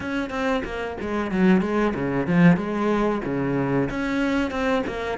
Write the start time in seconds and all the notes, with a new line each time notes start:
0.00 C#4
0.30 C4
0.64 A#3
1.01 G#3
1.31 F#3
1.61 G#3
1.94 C#3
2.26 F3
2.57 G#3
3.24 C#3
3.90 C#4
4.50 C4
4.87 A#3